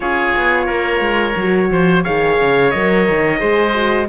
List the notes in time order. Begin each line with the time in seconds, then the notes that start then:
0.00 C#4 F4 G#4 C#5
0.36 B3
0.66 A#3 A#4
1.00 G#3
1.36 F#3 F#4
1.71 F3 C5
2.03 D#3 G#4 C#5 F5
2.40 C#3
2.70 F#3 A#4 D#5
3.09 D#3
3.39 G#3 G#4 C5
3.74 F#4